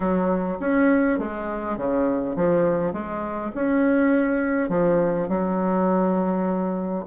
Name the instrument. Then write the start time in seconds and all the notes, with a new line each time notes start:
bassoon
0.00 F#3
0.60 C#4
1.18 G#3
1.77 C#3
2.35 F3
2.93 G#3
3.55 C#4
4.69 F3
5.28 F#3